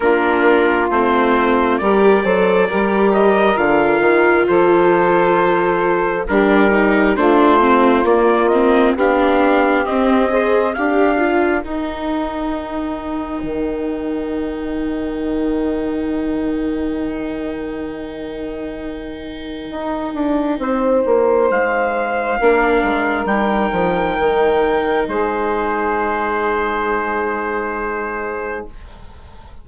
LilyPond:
<<
  \new Staff \with { instrumentName = "trumpet" } { \time 4/4 \tempo 4 = 67 ais'4 c''4 d''4. dis''8 | f''4 c''2 ais'4 | c''4 d''8 dis''8 f''4 dis''4 | f''4 g''2.~ |
g''1~ | g''1 | f''2 g''2 | c''1 | }
  \new Staff \with { instrumentName = "saxophone" } { \time 4/4 f'2 ais'8 c''8 ais'4~ | ais'4 a'2 g'4 | f'2 g'4. c''8 | ais'1~ |
ais'1~ | ais'2. c''4~ | c''4 ais'2. | gis'1 | }
  \new Staff \with { instrumentName = "viola" } { \time 4/4 d'4 c'4 g'8 a'8 g'4 | f'2. d'8 dis'8 | d'8 c'8 ais8 c'8 d'4 c'8 gis'8 | g'8 f'8 dis'2.~ |
dis'1~ | dis'1~ | dis'4 d'4 dis'2~ | dis'1 | }
  \new Staff \with { instrumentName = "bassoon" } { \time 4/4 ais4 a4 g8 fis8 g4 | d8 dis8 f2 g4 | a4 ais4 b4 c'4 | d'4 dis'2 dis4~ |
dis1~ | dis2 dis'8 d'8 c'8 ais8 | gis4 ais8 gis8 g8 f8 dis4 | gis1 | }
>>